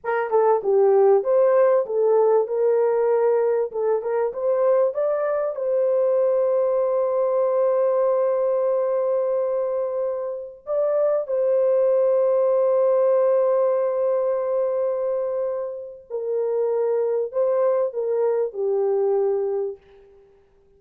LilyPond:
\new Staff \with { instrumentName = "horn" } { \time 4/4 \tempo 4 = 97 ais'8 a'8 g'4 c''4 a'4 | ais'2 a'8 ais'8 c''4 | d''4 c''2.~ | c''1~ |
c''4~ c''16 d''4 c''4.~ c''16~ | c''1~ | c''2 ais'2 | c''4 ais'4 g'2 | }